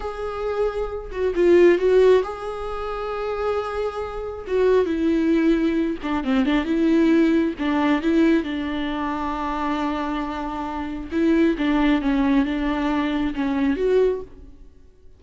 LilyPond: \new Staff \with { instrumentName = "viola" } { \time 4/4 \tempo 4 = 135 gis'2~ gis'8 fis'8 f'4 | fis'4 gis'2.~ | gis'2 fis'4 e'4~ | e'4. d'8 c'8 d'8 e'4~ |
e'4 d'4 e'4 d'4~ | d'1~ | d'4 e'4 d'4 cis'4 | d'2 cis'4 fis'4 | }